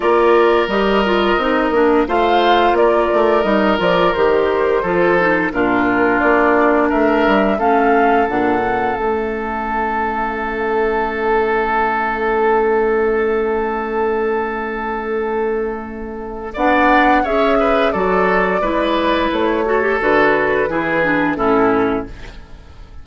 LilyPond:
<<
  \new Staff \with { instrumentName = "flute" } { \time 4/4 \tempo 4 = 87 d''4 dis''2 f''4 | d''4 dis''8 d''8 c''2 | ais'4 d''4 e''4 f''4 | fis''4 e''2.~ |
e''1~ | e''1 | fis''4 e''4 d''2 | cis''4 b'2 a'4 | }
  \new Staff \with { instrumentName = "oboe" } { \time 4/4 ais'2. c''4 | ais'2. a'4 | f'2 ais'4 a'4~ | a'1~ |
a'1~ | a'1 | d''4 cis''8 b'8 a'4 b'4~ | b'8 a'4. gis'4 e'4 | }
  \new Staff \with { instrumentName = "clarinet" } { \time 4/4 f'4 g'8 f'8 dis'8 d'8 f'4~ | f'4 dis'8 f'8 g'4 f'8 dis'8 | d'2. cis'4 | d'8 cis'2.~ cis'8~ |
cis'1~ | cis'1 | d'4 gis'4 fis'4 e'4~ | e'8 fis'16 g'16 fis'4 e'8 d'8 cis'4 | }
  \new Staff \with { instrumentName = "bassoon" } { \time 4/4 ais4 g4 c'8 ais8 a4 | ais8 a8 g8 f8 dis4 f4 | ais,4 ais4 a8 g8 a4 | ais,4 a2.~ |
a1~ | a1 | b4 cis'4 fis4 gis4 | a4 d4 e4 a,4 | }
>>